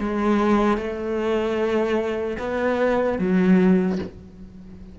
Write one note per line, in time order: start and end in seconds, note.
0.00 0.78 G#3
0.78 2.38 A3
2.39 3.19 B3
3.19 3.99 F#3